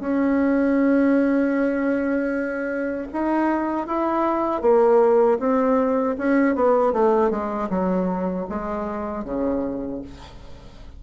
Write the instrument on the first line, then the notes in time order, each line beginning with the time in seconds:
bassoon
0.00 C#4
3.13 D#4
3.87 E4
4.62 A#3
5.39 C4
6.18 C#4
6.56 B3
6.93 A3
7.31 G#3
7.70 F#3
8.49 G#3
9.25 C#3